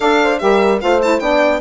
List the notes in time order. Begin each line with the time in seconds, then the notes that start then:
0.00 D4 A4 D5 F5
0.23 C5
0.38 G3 G4 A#4 E5
0.80 A3 F4 C5 F5
1.02 E4 A5
1.19 B3 D4 D5 G5